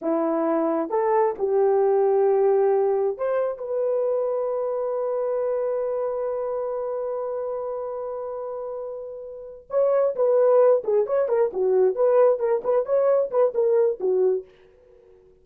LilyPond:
\new Staff \with { instrumentName = "horn" } { \time 4/4 \tempo 4 = 133 e'2 a'4 g'4~ | g'2. c''4 | b'1~ | b'1~ |
b'1~ | b'4. cis''4 b'4. | gis'8 cis''8 ais'8 fis'4 b'4 ais'8 | b'8 cis''4 b'8 ais'4 fis'4 | }